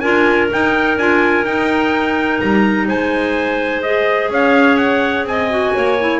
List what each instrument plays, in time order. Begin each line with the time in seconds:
0.00 double bass D4, clarinet F4 A#4, trumpet G#5
0.52 clarinet D#4, double bass D#4, trumpet G5
0.97 double bass D4, clarinet F4, trumpet G#5
1.45 double bass D#4, clarinet D#4, trumpet G5
2.40 double bass G3, trumpet A#5
2.87 double bass G#3, clarinet C5, trumpet G#5
3.82 clarinet G#4, trumpet D#5
4.29 double bass C#4, clarinet C#5, trumpet F5
4.77 trumpet F#5
5.24 double bass C4, clarinet D#5, trumpet G#5
5.50 clarinet F#4
5.74 double bass A#3, clarinet C#5
6.00 clarinet E4